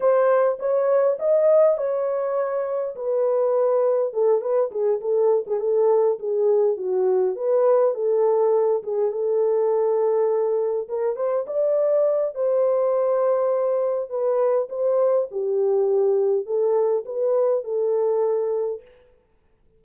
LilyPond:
\new Staff \with { instrumentName = "horn" } { \time 4/4 \tempo 4 = 102 c''4 cis''4 dis''4 cis''4~ | cis''4 b'2 a'8 b'8 | gis'8 a'8. gis'16 a'4 gis'4 fis'8~ | fis'8 b'4 a'4. gis'8 a'8~ |
a'2~ a'8 ais'8 c''8 d''8~ | d''4 c''2. | b'4 c''4 g'2 | a'4 b'4 a'2 | }